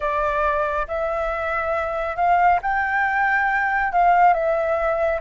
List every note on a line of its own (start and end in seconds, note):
0.00 0.87 D5
0.87 2.15 E5
2.15 2.59 F5
2.61 3.92 G5
3.92 4.33 F5
4.33 5.20 E5